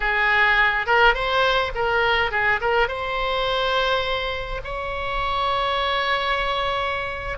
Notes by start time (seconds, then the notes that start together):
0.00 G#4
0.86 A#4
1.14 C5
1.74 A#4
2.31 G#4
2.60 A#4
2.88 C5
4.64 C#5